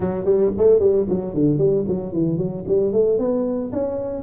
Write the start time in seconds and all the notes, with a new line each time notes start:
0.00 F#3
0.24 G3
0.57 A3
0.79 G3
1.09 F#3
1.33 D3
1.58 G3
1.88 F#3
2.12 E3
2.37 F#3
2.67 G3
2.92 A3
3.18 B3
3.72 C#4